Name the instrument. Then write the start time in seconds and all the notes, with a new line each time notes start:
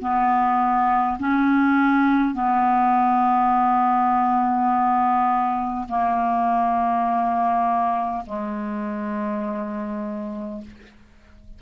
clarinet
0.00 B3
1.19 C#4
2.34 B3
5.89 A#3
8.26 G#3